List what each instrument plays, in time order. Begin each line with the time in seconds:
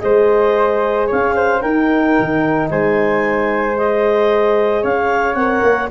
0.00 tuba G#3, horn G#4, flute C5, clarinet D#5
1.08 tuba C#4, flute C#5, clarinet F5
1.36 flute C5
1.61 horn D#4, tuba D#4, flute A#4, clarinet G5
2.20 tuba D#3
2.71 tuba G#3, flute C5, clarinet G#5
3.77 horn G#4, clarinet D#5
4.82 tuba C#4, flute C#5, clarinet F5
5.35 tuba C4, horn A#4, clarinet F#5
5.63 tuba A#3